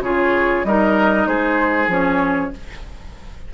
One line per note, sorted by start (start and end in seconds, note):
0.00 0.62 C#3
0.00 0.66 F4
0.00 0.65 G#4
0.00 0.64 C#5
0.64 1.26 G3
0.64 1.89 D#4
0.64 1.27 A#4
0.64 1.27 D#5
1.27 1.87 G#3
1.27 2.52 G#4
1.27 1.89 C5
1.87 2.50 F3
1.87 2.51 C#4
1.87 2.53 C#5